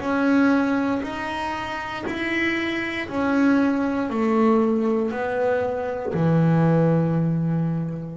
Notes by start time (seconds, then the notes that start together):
0.00 C#4
1.03 D#4
2.07 E4
3.09 C#4
4.10 A3
5.12 B3
6.14 E3